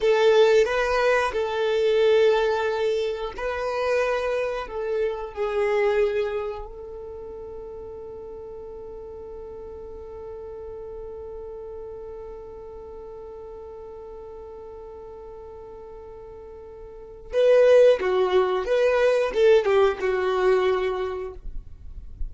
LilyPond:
\new Staff \with { instrumentName = "violin" } { \time 4/4 \tempo 4 = 90 a'4 b'4 a'2~ | a'4 b'2 a'4 | gis'2 a'2~ | a'1~ |
a'1~ | a'1~ | a'2 b'4 fis'4 | b'4 a'8 g'8 fis'2 | }